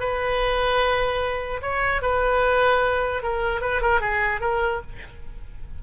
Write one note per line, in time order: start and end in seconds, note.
0.00 1.61 B4
1.62 2.02 C#5
2.02 3.23 B4
3.23 3.61 A#4
3.61 3.81 B4
3.81 4.01 A#4
4.01 4.41 G#4
4.41 4.81 A#4